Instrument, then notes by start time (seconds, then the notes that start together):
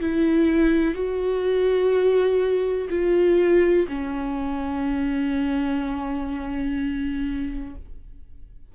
viola
0.00 E4
0.94 F#4
2.89 F4
3.88 C#4